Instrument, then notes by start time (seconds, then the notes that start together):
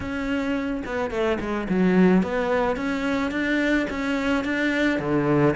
cello
0.00 C#4
0.85 B3
1.10 A3
1.39 G#3
1.69 F#3
2.22 B3
2.76 C#4
3.31 D4
3.90 C#4
4.44 D4
4.99 D3